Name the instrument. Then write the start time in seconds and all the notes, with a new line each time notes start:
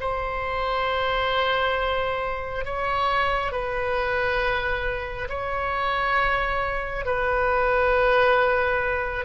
oboe
0.00 C5
2.65 C#5
3.52 B4
5.29 C#5
7.05 B4